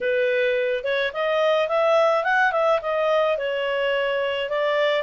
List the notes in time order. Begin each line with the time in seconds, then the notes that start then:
0.01 B4
0.84 C#5
1.13 D#5
1.68 E5
2.24 F#5
2.52 E5
2.81 D#5
3.37 C#5
4.49 D5